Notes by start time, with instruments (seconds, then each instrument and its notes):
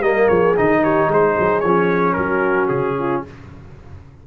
0.00 tuba G3, trombone A#3, horn A#4, trumpet D#5
0.27 tuba F3, horn G#4, trumpet C#5
0.56 tuba D#3, trombone D#4, trumpet D#5
0.83 horn G4, trumpet C#5
1.08 tuba G#3, horn G#4, trumpet C5
1.38 tuba F#3
1.60 tuba F3, trombone C#4, trumpet C#5
2.13 tuba F#3, horn F#4, trumpet A#4
2.68 tuba C#3, trumpet G#4
2.98 horn F4